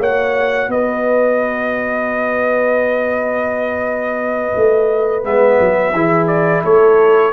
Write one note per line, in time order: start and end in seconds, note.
0.00 0.68 A#3
0.00 5.24 F#4
0.00 0.70 C#5
0.00 0.71 F#5
0.68 4.52 B3
0.68 5.96 B4
0.68 5.25 D#5
4.57 5.25 A3
5.24 5.60 G#3
5.24 5.94 B3
5.24 6.27 E5
5.60 5.93 F#3
5.93 6.63 E3
5.93 7.33 E4
5.93 6.64 G#4
6.27 6.62 D5
6.64 7.33 A3
6.64 7.33 A4
6.64 7.33 C#5